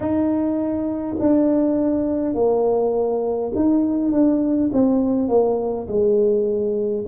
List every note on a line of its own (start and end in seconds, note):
0.00 1.16 D#4
1.19 2.34 D4
2.34 3.52 A#3
3.55 4.11 D#4
4.11 4.70 D4
4.72 5.28 C4
5.28 5.87 A#3
5.87 7.05 G#3